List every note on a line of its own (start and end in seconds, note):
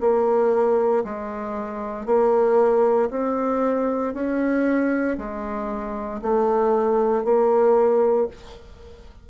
0.00 1.03 A#3
1.04 2.05 G#3
2.05 3.09 A#3
3.10 4.14 C4
4.14 5.17 C#4
5.17 6.21 G#3
6.22 7.24 A3
7.24 8.28 A#3